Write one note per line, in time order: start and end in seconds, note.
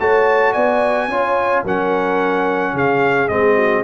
0.00 0.56 A3
0.00 1.10 F#4
0.00 0.53 C#5
0.00 0.53 A5
0.53 1.09 B3
0.53 1.08 D5
0.53 1.63 G#5
1.09 1.64 C#4
1.09 1.65 F4
1.09 1.64 C#5
1.64 2.74 F#3
1.64 3.30 C#4
1.64 2.73 A#4
1.64 2.78 F#5
2.73 3.29 C#3
2.73 3.56 G#4
2.73 3.29 F5
3.29 3.84 G#3
3.29 3.85 C4
3.29 3.84 D#5
3.56 3.83 F#4